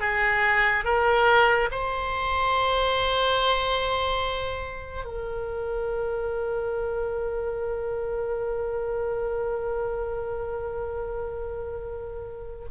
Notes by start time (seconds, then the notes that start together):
0.00 G#4
0.85 A#4
1.71 C5
5.05 A#4